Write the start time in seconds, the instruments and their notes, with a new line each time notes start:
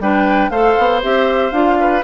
0.00 bassoon G3, clarinet D4, oboe B4, flute G5
0.50 bassoon A3, clarinet A4, oboe C5, flute F5
0.79 bassoon B3
1.03 bassoon C4, clarinet G4, flute E5
1.52 bassoon D4, clarinet F4, flute F5
1.80 oboe B4